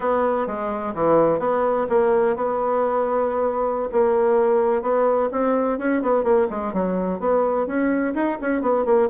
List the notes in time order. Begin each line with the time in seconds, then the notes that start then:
0.00 B3
0.47 G#3
0.94 E3
1.39 B3
1.89 A#3
2.35 B3
3.92 A#3
4.82 B3
5.31 C4
5.78 C#4
6.02 B3
6.23 A#3
6.50 G#3
6.73 F#3
7.19 B3
7.67 C#4
8.14 D#4
8.41 C#4
8.61 B3
8.85 A#3